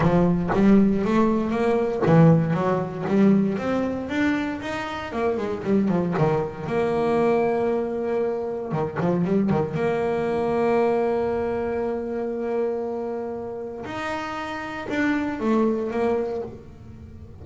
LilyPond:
\new Staff \with { instrumentName = "double bass" } { \time 4/4 \tempo 4 = 117 f4 g4 a4 ais4 | e4 fis4 g4 c'4 | d'4 dis'4 ais8 gis8 g8 f8 | dis4 ais2.~ |
ais4 dis8 f8 g8 dis8 ais4~ | ais1~ | ais2. dis'4~ | dis'4 d'4 a4 ais4 | }